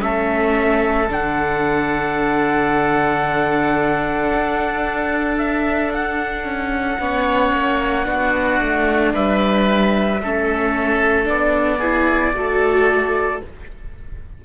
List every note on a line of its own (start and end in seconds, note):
0.00 1.09 A3
0.00 1.07 C#4
0.00 7.00 A4
0.00 1.09 E5
1.09 4.33 D3
1.09 6.98 D4
1.09 5.38 F#5
4.34 6.45 D4
5.38 5.92 E5
5.94 9.15 F#5
6.45 6.98 C#4
7.00 7.53 B3
7.00 8.05 C#4
7.00 8.06 C#5
7.53 8.06 A#3
8.05 8.60 B3
8.05 10.19 D4
8.05 9.13 F#4
8.61 9.15 A3
9.14 10.22 G3
9.14 10.21 B4
9.14 11.29 E5
10.23 11.29 A3
10.23 11.25 C#4
10.23 11.79 A4
11.25 12.34 B3
11.25 11.79 D4
11.25 13.43 D5
11.79 12.35 E4
11.79 12.32 G#4
12.34 13.42 A3
12.34 13.42 F#4
12.34 13.45 A4